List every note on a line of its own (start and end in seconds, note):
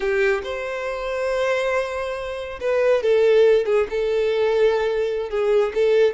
0.00 0.41 G4
0.43 2.59 C5
2.60 3.02 B4
3.02 3.65 A4
3.65 3.87 G#4
3.89 5.29 A4
5.29 5.72 G#4
5.74 6.13 A4